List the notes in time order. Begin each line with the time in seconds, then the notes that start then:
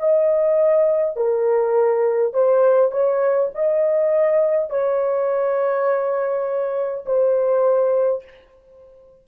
0.00 D#5
1.17 A#4
2.34 C5
2.92 C#5
3.55 D#5
4.70 C#5
7.06 C5